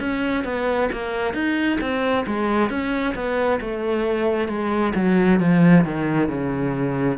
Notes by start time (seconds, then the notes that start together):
0.00 C#4
0.44 B3
0.92 A#3
1.34 D#4
1.81 C4
2.27 G#3
2.70 C#4
3.15 B3
3.60 A3
4.48 G#3
4.95 F#3
5.40 F3
5.85 D#3
6.28 C#3